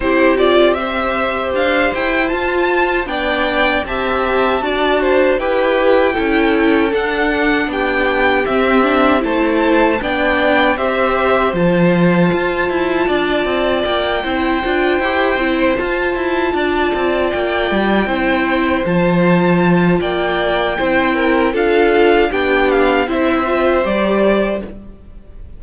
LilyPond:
<<
  \new Staff \with { instrumentName = "violin" } { \time 4/4 \tempo 4 = 78 c''8 d''8 e''4 f''8 g''8 a''4 | g''4 a''2 g''4~ | g''4 fis''4 g''4 e''4 | a''4 g''4 e''4 a''4~ |
a''2 g''2~ | g''8 a''2 g''4.~ | g''8 a''4. g''2 | f''4 g''8 f''8 e''4 d''4 | }
  \new Staff \with { instrumentName = "violin" } { \time 4/4 g'4 c''2. | d''4 e''4 d''8 c''8 b'4 | a'2 g'2 | c''4 d''4 c''2~ |
c''4 d''4. c''4.~ | c''4. d''2 c''8~ | c''2 d''4 c''8 ais'8 | a'4 g'4 c''2 | }
  \new Staff \with { instrumentName = "viola" } { \time 4/4 e'8 f'8 g'2 f'4 | d'4 g'4 fis'4 g'4 | e'4 d'2 c'8 d'8 | e'4 d'4 g'4 f'4~ |
f'2~ f'8 e'8 f'8 g'8 | e'8 f'2. e'8~ | e'8 f'2~ f'8 e'4 | f'4 d'4 e'8 f'8 g'4 | }
  \new Staff \with { instrumentName = "cello" } { \time 4/4 c'2 d'8 e'8 f'4 | b4 c'4 d'4 e'4 | cis'4 d'4 b4 c'4 | a4 b4 c'4 f4 |
f'8 e'8 d'8 c'8 ais8 c'8 d'8 e'8 | c'8 f'8 e'8 d'8 c'8 ais8 g8 c'8~ | c'8 f4. ais4 c'4 | d'4 b4 c'4 g4 | }
>>